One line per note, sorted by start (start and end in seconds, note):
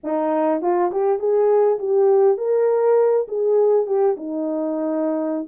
0.03 0.61 D#4
0.61 0.91 F4
0.91 1.19 G4
1.19 1.78 G#4
1.78 2.37 G4
2.37 3.26 A#4
3.28 3.86 G#4
3.86 4.16 G4
4.17 5.48 D#4